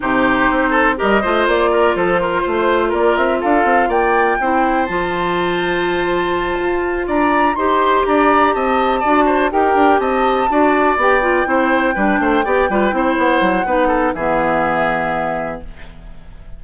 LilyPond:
<<
  \new Staff \with { instrumentName = "flute" } { \time 4/4 \tempo 4 = 123 c''2 dis''4 d''4 | c''2 d''8 e''8 f''4 | g''2 a''2~ | a''2~ a''8 ais''4 c'''8~ |
c'''8 ais''4 a''2 g''8~ | g''8 a''2 g''4.~ | g''2. fis''4~ | fis''4 e''2. | }
  \new Staff \with { instrumentName = "oboe" } { \time 4/4 g'4. a'8 ais'8 c''4 ais'8 | a'8 ais'8 c''4 ais'4 a'4 | d''4 c''2.~ | c''2~ c''8 d''4 c''8~ |
c''8 d''4 dis''4 d''8 c''8 ais'8~ | ais'8 dis''4 d''2 c''8~ | c''8 b'8 c''8 d''8 b'8 c''4. | b'8 a'8 gis'2. | }
  \new Staff \with { instrumentName = "clarinet" } { \time 4/4 dis'2 g'8 f'4.~ | f'1~ | f'4 e'4 f'2~ | f'2.~ f'8 g'8~ |
g'2~ g'8 fis'4 g'8~ | g'4. fis'4 g'8 f'8 e'8~ | e'8 d'4 g'8 f'8 e'4. | dis'4 b2. | }
  \new Staff \with { instrumentName = "bassoon" } { \time 4/4 c4 c'4 g8 a8 ais4 | f4 a4 ais8 c'8 d'8 c'8 | ais4 c'4 f2~ | f4. f'4 d'4 dis'8~ |
dis'8 d'4 c'4 d'4 dis'8 | d'8 c'4 d'4 b4 c'8~ | c'8 g8 a8 b8 g8 c'8 b8 fis8 | b4 e2. | }
>>